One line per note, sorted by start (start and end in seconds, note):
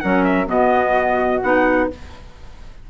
0.00 0.47 F#3
0.00 0.46 C#4
0.00 0.47 A#4
0.00 0.23 F#5
0.24 0.47 E5
0.46 1.41 B2
0.46 1.40 B3
0.46 1.88 F#4
0.46 1.42 D#5
1.42 1.90 B3
1.42 1.90 D#4
1.42 1.89 F#5